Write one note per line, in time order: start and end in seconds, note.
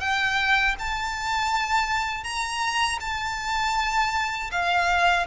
0.00 0.75 G5
0.78 2.23 A5
2.23 2.98 A#5
3.00 4.50 A5
4.51 5.26 F5